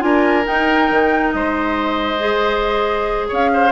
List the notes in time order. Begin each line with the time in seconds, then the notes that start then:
0.00 D4 F4 A#4 G#5
0.45 D#4 G5
0.91 D#3
1.32 G#3 C5 D#5
2.19 G#4
3.28 C#4 C#5 F5
3.54 C5